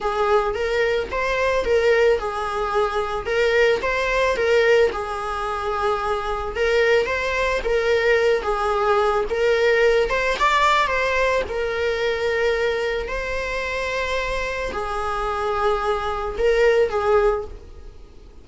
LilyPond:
\new Staff \with { instrumentName = "viola" } { \time 4/4 \tempo 4 = 110 gis'4 ais'4 c''4 ais'4 | gis'2 ais'4 c''4 | ais'4 gis'2. | ais'4 c''4 ais'4. gis'8~ |
gis'4 ais'4. c''8 d''4 | c''4 ais'2. | c''2. gis'4~ | gis'2 ais'4 gis'4 | }